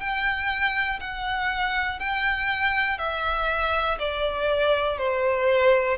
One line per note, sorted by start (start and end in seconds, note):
0.00 1.00 G5
1.00 2.00 F#5
2.00 2.98 G5
2.98 3.98 E5
4.00 4.98 D5
4.98 5.98 C5